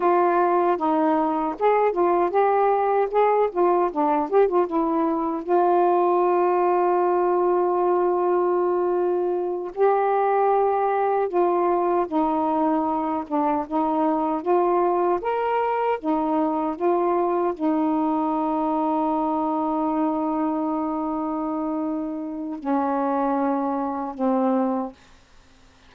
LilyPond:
\new Staff \with { instrumentName = "saxophone" } { \time 4/4 \tempo 4 = 77 f'4 dis'4 gis'8 f'8 g'4 | gis'8 f'8 d'8 g'16 f'16 e'4 f'4~ | f'1~ | f'8 g'2 f'4 dis'8~ |
dis'4 d'8 dis'4 f'4 ais'8~ | ais'8 dis'4 f'4 dis'4.~ | dis'1~ | dis'4 cis'2 c'4 | }